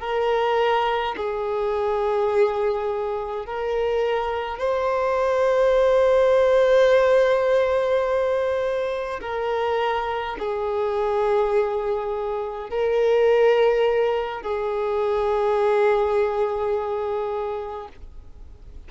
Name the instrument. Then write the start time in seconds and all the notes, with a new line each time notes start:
violin
0.00 A#4
1.16 G#4
3.45 A#4
4.58 C5
9.21 A#4
10.38 G#4
12.70 A#4
14.42 G#4